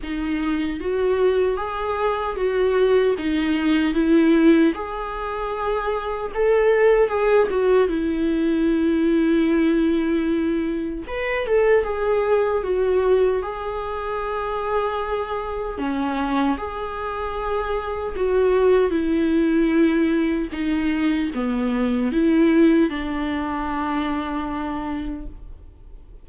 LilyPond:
\new Staff \with { instrumentName = "viola" } { \time 4/4 \tempo 4 = 76 dis'4 fis'4 gis'4 fis'4 | dis'4 e'4 gis'2 | a'4 gis'8 fis'8 e'2~ | e'2 b'8 a'8 gis'4 |
fis'4 gis'2. | cis'4 gis'2 fis'4 | e'2 dis'4 b4 | e'4 d'2. | }